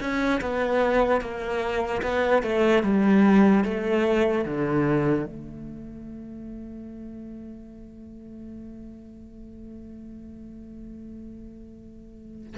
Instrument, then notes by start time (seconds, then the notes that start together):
cello
0.00 C#4
0.41 B3
1.21 A#3
2.02 B3
2.43 A3
2.83 G3
3.64 A3
4.45 D3
5.26 A3